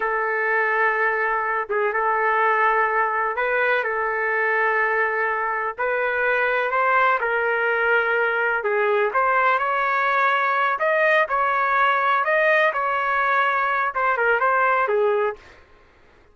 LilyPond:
\new Staff \with { instrumentName = "trumpet" } { \time 4/4 \tempo 4 = 125 a'2.~ a'8 gis'8 | a'2. b'4 | a'1 | b'2 c''4 ais'4~ |
ais'2 gis'4 c''4 | cis''2~ cis''8 dis''4 cis''8~ | cis''4. dis''4 cis''4.~ | cis''4 c''8 ais'8 c''4 gis'4 | }